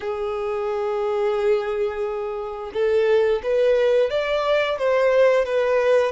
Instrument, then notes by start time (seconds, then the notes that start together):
violin
0.00 G#4
2.73 A4
3.43 B4
4.10 D5
4.78 C5
5.45 B4